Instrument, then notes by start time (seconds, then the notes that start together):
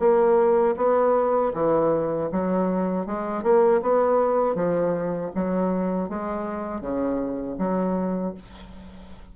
bassoon
0.00 A#3
0.77 B3
1.54 E3
2.32 F#3
3.07 G#3
3.43 A#3
3.83 B3
4.55 F3
5.35 F#3
6.09 G#3
6.81 C#3
7.58 F#3